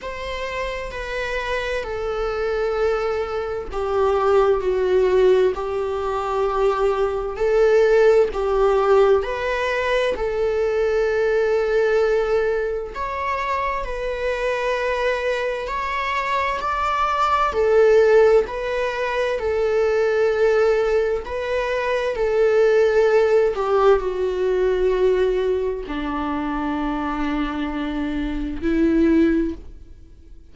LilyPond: \new Staff \with { instrumentName = "viola" } { \time 4/4 \tempo 4 = 65 c''4 b'4 a'2 | g'4 fis'4 g'2 | a'4 g'4 b'4 a'4~ | a'2 cis''4 b'4~ |
b'4 cis''4 d''4 a'4 | b'4 a'2 b'4 | a'4. g'8 fis'2 | d'2. e'4 | }